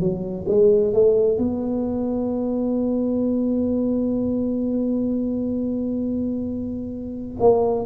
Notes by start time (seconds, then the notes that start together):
0.00 F#3
0.48 G#3
0.94 A3
1.38 B3
7.40 A#3